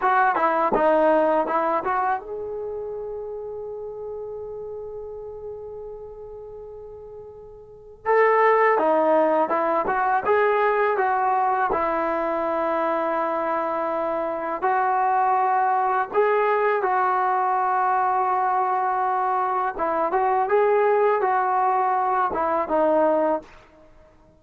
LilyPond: \new Staff \with { instrumentName = "trombone" } { \time 4/4 \tempo 4 = 82 fis'8 e'8 dis'4 e'8 fis'8 gis'4~ | gis'1~ | gis'2. a'4 | dis'4 e'8 fis'8 gis'4 fis'4 |
e'1 | fis'2 gis'4 fis'4~ | fis'2. e'8 fis'8 | gis'4 fis'4. e'8 dis'4 | }